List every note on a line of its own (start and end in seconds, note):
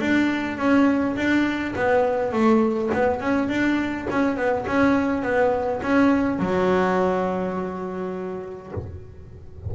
0.00 0.58 D4
0.58 1.16 C#4
1.16 1.74 D4
1.76 2.32 B3
2.32 2.91 A3
2.94 3.20 B3
3.20 3.49 C#4
3.49 4.07 D4
4.10 4.37 C#4
4.37 4.66 B3
4.67 5.23 C#4
5.23 5.81 B3
5.83 6.39 C#4
6.39 8.72 F#3